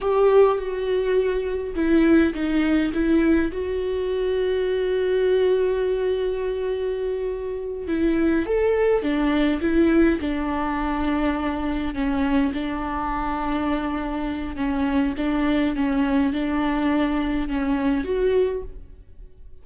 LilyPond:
\new Staff \with { instrumentName = "viola" } { \time 4/4 \tempo 4 = 103 g'4 fis'2 e'4 | dis'4 e'4 fis'2~ | fis'1~ | fis'4. e'4 a'4 d'8~ |
d'8 e'4 d'2~ d'8~ | d'8 cis'4 d'2~ d'8~ | d'4 cis'4 d'4 cis'4 | d'2 cis'4 fis'4 | }